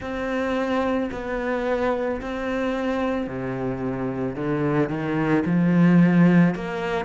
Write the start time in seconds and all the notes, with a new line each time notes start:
0.00 C4
1.12 B3
2.21 C4
3.27 C3
4.35 D3
4.88 D#3
5.45 F3
6.55 A#3